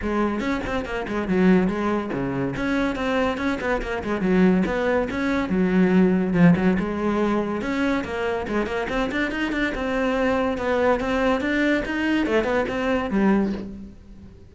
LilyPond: \new Staff \with { instrumentName = "cello" } { \time 4/4 \tempo 4 = 142 gis4 cis'8 c'8 ais8 gis8 fis4 | gis4 cis4 cis'4 c'4 | cis'8 b8 ais8 gis8 fis4 b4 | cis'4 fis2 f8 fis8 |
gis2 cis'4 ais4 | gis8 ais8 c'8 d'8 dis'8 d'8 c'4~ | c'4 b4 c'4 d'4 | dis'4 a8 b8 c'4 g4 | }